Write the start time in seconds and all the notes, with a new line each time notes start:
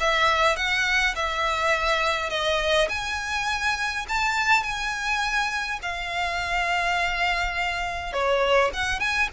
0.00 E5
0.57 F#5
1.16 E5
2.30 D#5
2.90 G#5
4.09 A5
4.64 G#5
5.83 F5
8.13 C#5
8.74 F#5
9.00 G#5